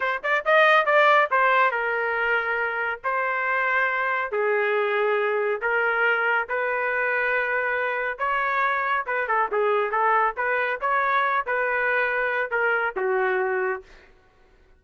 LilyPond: \new Staff \with { instrumentName = "trumpet" } { \time 4/4 \tempo 4 = 139 c''8 d''8 dis''4 d''4 c''4 | ais'2. c''4~ | c''2 gis'2~ | gis'4 ais'2 b'4~ |
b'2. cis''4~ | cis''4 b'8 a'8 gis'4 a'4 | b'4 cis''4. b'4.~ | b'4 ais'4 fis'2 | }